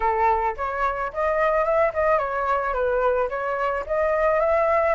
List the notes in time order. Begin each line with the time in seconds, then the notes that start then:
0.00 A4
0.57 C#5
1.13 D#5
1.64 E5
1.93 D#5
2.18 C#5
2.73 B4
3.29 C#5
3.86 D#5
4.40 E5